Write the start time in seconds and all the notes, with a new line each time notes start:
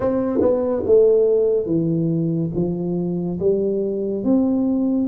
0.00 C4
0.41 B3
0.86 A3
1.66 E3
2.54 F3
3.39 G3
4.23 C4